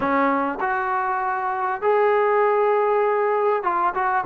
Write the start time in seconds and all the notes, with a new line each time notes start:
0.00 C#4
0.60 F#4
1.81 G#4
3.63 F4
3.94 F#4